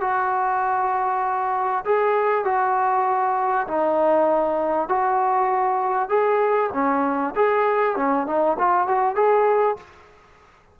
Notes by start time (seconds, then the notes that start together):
0.00 F#4
1.85 G#4
2.44 F#4
3.67 D#4
4.88 F#4
6.09 G#4
6.72 C#4
7.35 G#4
7.96 C#4
8.26 D#4
8.58 F4
8.87 F#4
9.15 G#4